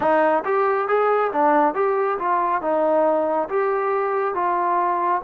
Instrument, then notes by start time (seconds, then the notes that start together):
trombone
0.00 D#4
0.45 G4
0.87 G#4
1.32 D4
1.74 G4
2.18 F4
2.61 D#4
3.49 G4
4.34 F4